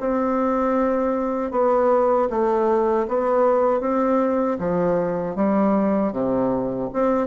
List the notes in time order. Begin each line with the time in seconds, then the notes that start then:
0.00 C4
1.51 B3
2.30 A3
3.08 B3
3.81 C4
4.59 F3
5.36 G3
6.13 C3
6.93 C4